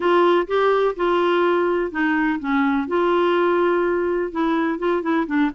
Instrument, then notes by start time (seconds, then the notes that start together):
clarinet
0.00 F4
0.47 G4
0.95 F4
1.91 D#4
2.39 C#4
2.87 F4
4.31 E4
4.78 F4
5.02 E4
5.27 D4